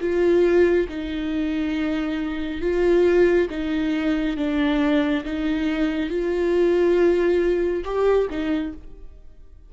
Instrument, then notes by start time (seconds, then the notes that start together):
viola
0.00 F4
0.89 D#4
2.61 F4
3.49 D#4
4.37 D4
5.24 D#4
6.09 F4
7.84 G4
8.30 D#4